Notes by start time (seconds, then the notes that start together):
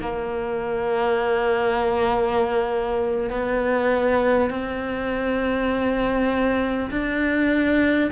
0.00 A#3
3.29 B3
4.49 C4
6.90 D4